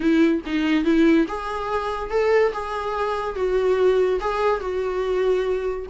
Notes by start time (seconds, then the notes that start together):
0.00 E4
0.45 D#4
0.84 E4
1.28 G#4
2.10 A4
2.52 G#4
3.35 F#4
4.20 G#4
4.60 F#4